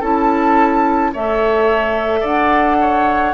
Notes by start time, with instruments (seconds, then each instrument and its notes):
0.00 bassoon C#4, clarinet E4, oboe A4, flute A5
1.13 bassoon A3, clarinet A4, oboe C#5, flute E5
2.20 bassoon D4, oboe D5
2.26 flute F#5
2.81 oboe C#5